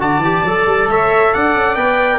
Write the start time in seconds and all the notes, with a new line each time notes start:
0.00 D3 F#4 D5 A5
0.19 E3 G4
0.44 F#3 A4
0.66 G3
0.88 A3 C#5 E5
1.34 D4 D5 F#5
1.56 C#4
1.76 B3 B4 G5